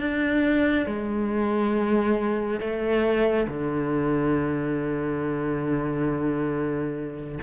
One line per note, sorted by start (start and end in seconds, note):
0.00 0.87 D4
0.87 2.60 G#3
2.60 3.47 A3
3.48 7.40 D3